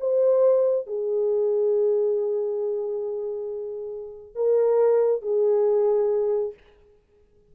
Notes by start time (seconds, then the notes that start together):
0.00 C5
0.87 G#4
4.35 A#4
5.22 G#4